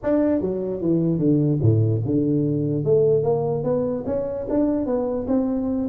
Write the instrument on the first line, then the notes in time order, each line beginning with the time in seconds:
tuba
0.03 D4
0.40 F#3
0.81 E3
1.19 D3
1.61 A2
2.05 D3
2.84 A3
3.23 A#3
3.63 B3
4.06 C#4
4.49 D4
4.85 B3
5.27 C4